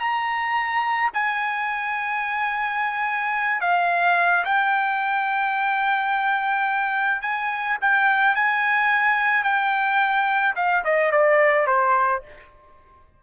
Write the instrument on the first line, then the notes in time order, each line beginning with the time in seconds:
trumpet
0.00 A#5
1.14 G#5
3.61 F5
4.45 G5
7.22 G#5
7.82 G5
8.35 G#5
9.44 G5
10.56 F5
10.85 D#5
11.12 D5
11.67 C5